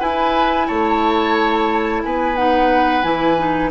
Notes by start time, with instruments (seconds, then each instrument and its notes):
0.00 clarinet E4, bassoon E4, oboe B4, flute G#5
0.68 bassoon A3, oboe C#5, flute A5
2.04 bassoon B3, oboe B4, flute G#5
2.36 clarinet D#4, flute F#5
3.03 bassoon E3, clarinet E4, flute G#5
3.38 clarinet D#4